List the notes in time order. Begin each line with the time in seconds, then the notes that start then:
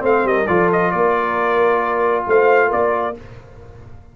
0.00 A3 C4 C5 F5
0.25 G3 A#4 D#5
0.47 F3 F4 A4 D5
0.73 D#5
0.92 A#3 A#4 D5
2.27 A3 C5 F5
2.68 A#3 A#4 D5